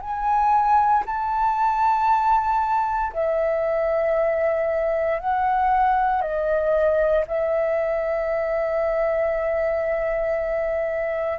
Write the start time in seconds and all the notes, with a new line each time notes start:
0.00 G#5
1.05 A5
3.13 E5
5.19 F#5
6.21 D#5
7.26 E5